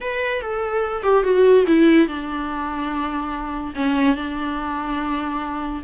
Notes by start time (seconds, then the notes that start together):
0.01 B4
0.41 A4
1.03 G4
1.23 F#4
1.67 E4
2.07 D4
3.75 C#4
4.15 D4